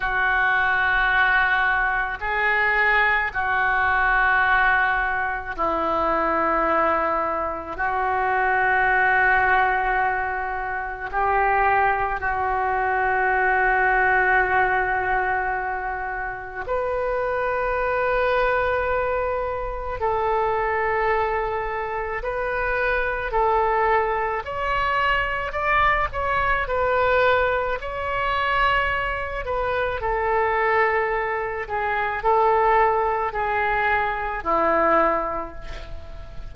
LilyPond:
\new Staff \with { instrumentName = "oboe" } { \time 4/4 \tempo 4 = 54 fis'2 gis'4 fis'4~ | fis'4 e'2 fis'4~ | fis'2 g'4 fis'4~ | fis'2. b'4~ |
b'2 a'2 | b'4 a'4 cis''4 d''8 cis''8 | b'4 cis''4. b'8 a'4~ | a'8 gis'8 a'4 gis'4 e'4 | }